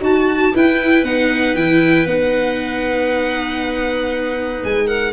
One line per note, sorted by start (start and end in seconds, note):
0.00 0.52 D#4
0.00 0.51 F#4
0.00 0.52 F#4
0.00 0.55 A5
0.53 1.05 E4
0.53 1.03 E4
0.53 4.86 B4
0.53 1.04 G5
1.03 1.54 B3
1.03 1.56 D#4
1.03 1.55 F#5
1.54 2.05 E3
1.54 2.07 E4
1.54 2.06 G5
2.06 4.62 B3
2.06 5.12 D#4
2.06 4.63 F#5
4.64 5.12 G#3
4.64 4.87 G#5
4.86 5.12 A#4
4.86 5.12 F#5